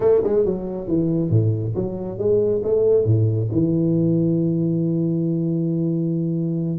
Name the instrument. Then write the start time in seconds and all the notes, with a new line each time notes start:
tuba
0.00 A3
0.23 G#3
0.45 F#3
0.87 E3
1.30 A2
1.75 F#3
2.18 G#3
2.63 A3
3.04 A2
3.51 E3